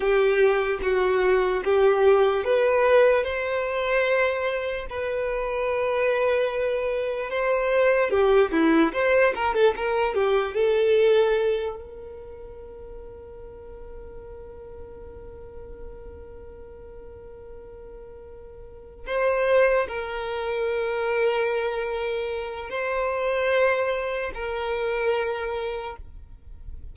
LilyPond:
\new Staff \with { instrumentName = "violin" } { \time 4/4 \tempo 4 = 74 g'4 fis'4 g'4 b'4 | c''2 b'2~ | b'4 c''4 g'8 e'8 c''8 ais'16 a'16 | ais'8 g'8 a'4. ais'4.~ |
ais'1~ | ais'2.~ ais'8 c''8~ | c''8 ais'2.~ ais'8 | c''2 ais'2 | }